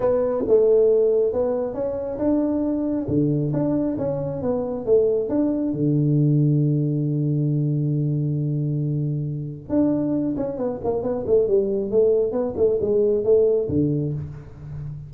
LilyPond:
\new Staff \with { instrumentName = "tuba" } { \time 4/4 \tempo 4 = 136 b4 a2 b4 | cis'4 d'2 d4 | d'4 cis'4 b4 a4 | d'4 d2.~ |
d1~ | d2 d'4. cis'8 | b8 ais8 b8 a8 g4 a4 | b8 a8 gis4 a4 d4 | }